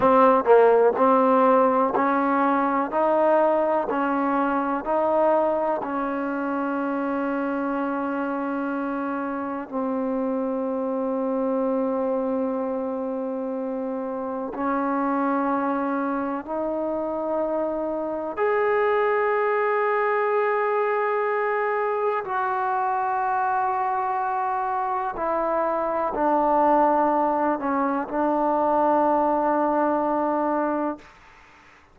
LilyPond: \new Staff \with { instrumentName = "trombone" } { \time 4/4 \tempo 4 = 62 c'8 ais8 c'4 cis'4 dis'4 | cis'4 dis'4 cis'2~ | cis'2 c'2~ | c'2. cis'4~ |
cis'4 dis'2 gis'4~ | gis'2. fis'4~ | fis'2 e'4 d'4~ | d'8 cis'8 d'2. | }